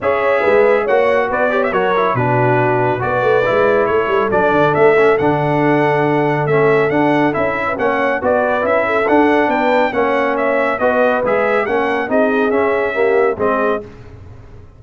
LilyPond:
<<
  \new Staff \with { instrumentName = "trumpet" } { \time 4/4 \tempo 4 = 139 e''2 fis''4 d''8. e''16 | cis''4 b'2 d''4~ | d''4 cis''4 d''4 e''4 | fis''2. e''4 |
fis''4 e''4 fis''4 d''4 | e''4 fis''4 g''4 fis''4 | e''4 dis''4 e''4 fis''4 | dis''4 e''2 dis''4 | }
  \new Staff \with { instrumentName = "horn" } { \time 4/4 cis''4 b'4 cis''4 b'8 cis''8 | ais'4 fis'2 b'4~ | b'4 a'2.~ | a'1~ |
a'4.~ a'16 b'16 cis''4 b'4~ | b'8 a'4. b'4 cis''4~ | cis''4 b'2 ais'4 | gis'2 g'4 gis'4 | }
  \new Staff \with { instrumentName = "trombone" } { \time 4/4 gis'2 fis'4. g'8 | fis'8 e'8 d'2 fis'4 | e'2 d'4. cis'8 | d'2. cis'4 |
d'4 e'4 cis'4 fis'4 | e'4 d'2 cis'4~ | cis'4 fis'4 gis'4 cis'4 | dis'4 cis'4 ais4 c'4 | }
  \new Staff \with { instrumentName = "tuba" } { \time 4/4 cis'4 gis4 ais4 b4 | fis4 b,2 b8 a8 | gis4 a8 g8 fis8 d8 a4 | d2. a4 |
d'4 cis'4 ais4 b4 | cis'4 d'4 b4 ais4~ | ais4 b4 gis4 ais4 | c'4 cis'2 gis4 | }
>>